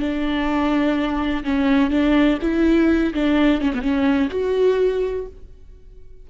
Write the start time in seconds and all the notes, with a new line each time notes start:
0.00 D4
1.44 C#4
1.91 D4
2.42 E4
3.14 D4
3.62 C#4
3.75 B3
3.82 C#4
4.31 F#4